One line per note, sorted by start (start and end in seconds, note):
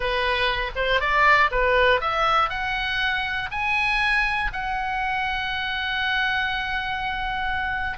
0.00 0.71 B4
0.75 1.00 C5
1.00 1.50 D5
1.51 2.00 B4
2.00 2.49 E5
2.49 3.49 F#5
3.51 4.51 G#5
4.52 7.97 F#5